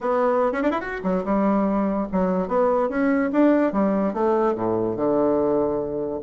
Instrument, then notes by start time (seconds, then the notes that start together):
bassoon
0.00 B3
0.52 C#4
0.62 D4
0.70 E4
0.80 F#4
1.03 F#3
1.24 G3
2.12 F#3
2.48 B3
2.89 C#4
3.32 D4
3.72 G3
4.13 A3
4.55 A2
4.96 D3